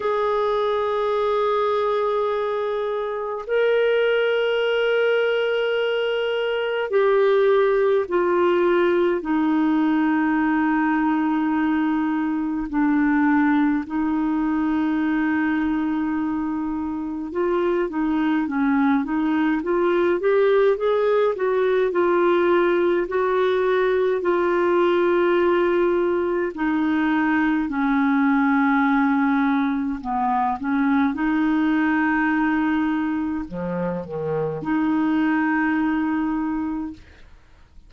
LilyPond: \new Staff \with { instrumentName = "clarinet" } { \time 4/4 \tempo 4 = 52 gis'2. ais'4~ | ais'2 g'4 f'4 | dis'2. d'4 | dis'2. f'8 dis'8 |
cis'8 dis'8 f'8 g'8 gis'8 fis'8 f'4 | fis'4 f'2 dis'4 | cis'2 b8 cis'8 dis'4~ | dis'4 f8 dis8 dis'2 | }